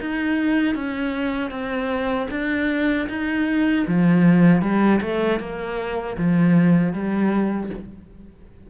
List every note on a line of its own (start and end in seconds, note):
0.00 0.75 D#4
0.75 1.50 C#4
1.50 2.27 C4
2.31 3.08 D4
3.09 3.86 D#4
3.87 4.62 F3
4.62 5.00 G3
5.01 5.40 A3
5.40 6.16 A#3
6.17 6.93 F3
6.93 7.70 G3